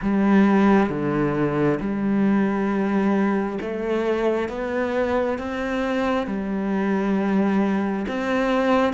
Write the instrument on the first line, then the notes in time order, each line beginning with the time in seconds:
cello
0.02 G3
0.89 D3
1.80 G3
3.61 A3
4.48 B3
5.38 C4
6.26 G3
8.08 C4